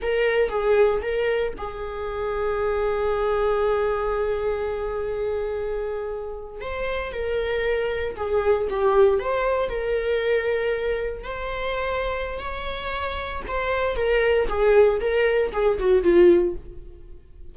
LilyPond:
\new Staff \with { instrumentName = "viola" } { \time 4/4 \tempo 4 = 116 ais'4 gis'4 ais'4 gis'4~ | gis'1~ | gis'1~ | gis'8. c''4 ais'2 gis'16~ |
gis'8. g'4 c''4 ais'4~ ais'16~ | ais'4.~ ais'16 c''2~ c''16 | cis''2 c''4 ais'4 | gis'4 ais'4 gis'8 fis'8 f'4 | }